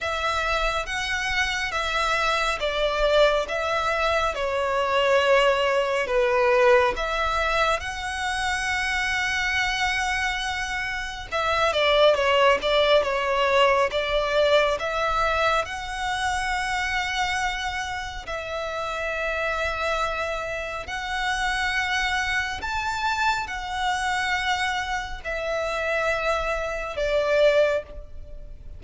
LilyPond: \new Staff \with { instrumentName = "violin" } { \time 4/4 \tempo 4 = 69 e''4 fis''4 e''4 d''4 | e''4 cis''2 b'4 | e''4 fis''2.~ | fis''4 e''8 d''8 cis''8 d''8 cis''4 |
d''4 e''4 fis''2~ | fis''4 e''2. | fis''2 a''4 fis''4~ | fis''4 e''2 d''4 | }